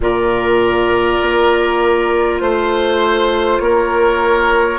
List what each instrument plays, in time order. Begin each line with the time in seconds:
0.00 bassoon A#2, clarinet F4, oboe A#4, flute D5
1.21 bassoon A#3
2.40 bassoon A3, flute C5, oboe C5
3.59 bassoon A#3, oboe A#4, flute C#5